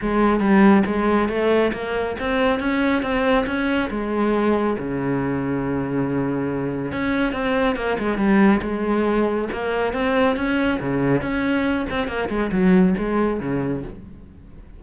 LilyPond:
\new Staff \with { instrumentName = "cello" } { \time 4/4 \tempo 4 = 139 gis4 g4 gis4 a4 | ais4 c'4 cis'4 c'4 | cis'4 gis2 cis4~ | cis1 |
cis'4 c'4 ais8 gis8 g4 | gis2 ais4 c'4 | cis'4 cis4 cis'4. c'8 | ais8 gis8 fis4 gis4 cis4 | }